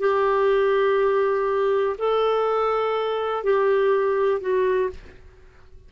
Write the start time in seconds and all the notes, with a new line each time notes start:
0.00 G4
1.99 A4
3.44 G4
4.41 F#4